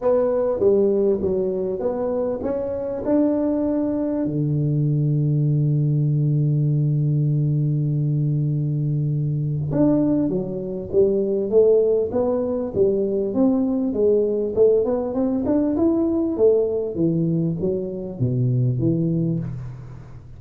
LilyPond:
\new Staff \with { instrumentName = "tuba" } { \time 4/4 \tempo 4 = 99 b4 g4 fis4 b4 | cis'4 d'2 d4~ | d1~ | d1 |
d'4 fis4 g4 a4 | b4 g4 c'4 gis4 | a8 b8 c'8 d'8 e'4 a4 | e4 fis4 b,4 e4 | }